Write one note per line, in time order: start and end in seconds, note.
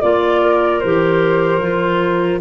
0.00 0.83 A#3
0.00 0.82 F4
0.00 0.40 D5
0.00 0.80 D5
0.41 2.41 A#4
0.80 1.58 E3
0.80 1.61 G4
0.80 2.40 C5
1.58 2.38 F3
1.58 2.41 F4